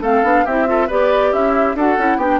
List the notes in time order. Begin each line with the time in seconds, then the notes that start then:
0.00 A3 C4 A4 F5
0.23 B3 D4
0.44 C4 E4 G4 E5
0.66 F4 A4
0.87 B3 G4 B4 D5
1.32 C#4 E4 E5
1.74 D4 F#4 A4 F#5
1.98 C#4 E4
2.16 B3 D4 G4 G5